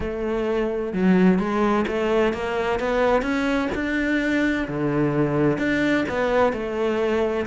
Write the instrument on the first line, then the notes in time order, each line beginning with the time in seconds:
cello
0.00 A3
0.93 F#3
1.38 G#3
1.87 A3
2.33 A#3
2.79 B3
3.22 C#4
3.74 D4
4.67 D3
5.58 D4
6.08 B3
6.52 A3